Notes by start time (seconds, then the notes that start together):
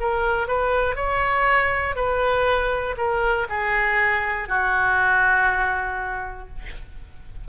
0.00 A#4
0.48 B4
0.96 C#5
1.95 B4
2.97 A#4
3.49 G#4
4.49 F#4